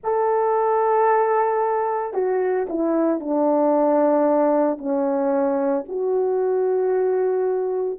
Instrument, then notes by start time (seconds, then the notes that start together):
horn
0.03 A4
2.13 F#4
2.69 E4
3.20 D4
4.78 C#4
5.88 F#4